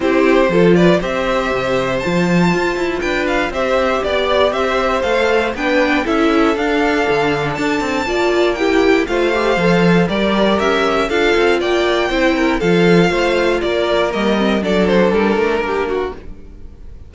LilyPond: <<
  \new Staff \with { instrumentName = "violin" } { \time 4/4 \tempo 4 = 119 c''4. d''8 e''2 | a''2 g''8 f''8 e''4 | d''4 e''4 f''4 g''4 | e''4 f''2 a''4~ |
a''4 g''4 f''2 | d''4 e''4 f''4 g''4~ | g''4 f''2 d''4 | dis''4 d''8 c''8 ais'2 | }
  \new Staff \with { instrumentName = "violin" } { \time 4/4 g'4 a'8 b'8 c''2~ | c''2 b'4 c''4 | d''4 c''2 b'4 | a'1 |
d''4 g'4 c''2 | ais'2 a'4 d''4 | c''8 ais'8 a'4 c''4 ais'4~ | ais'4 a'2 g'8 fis'8 | }
  \new Staff \with { instrumentName = "viola" } { \time 4/4 e'4 f'4 g'2 | f'2. g'4~ | g'2 a'4 d'4 | e'4 d'2. |
f'4 e'4 f'8 g'8 a'4 | g'2 f'2 | e'4 f'2. | ais8 c'8 d'2. | }
  \new Staff \with { instrumentName = "cello" } { \time 4/4 c'4 f4 c'4 c4 | f4 f'8 e'8 d'4 c'4 | b4 c'4 a4 b4 | cis'4 d'4 d4 d'8 c'8 |
ais2 a4 f4 | g4 cis'4 d'8 c'8 ais4 | c'4 f4 a4 ais4 | g4 fis4 g8 a8 ais4 | }
>>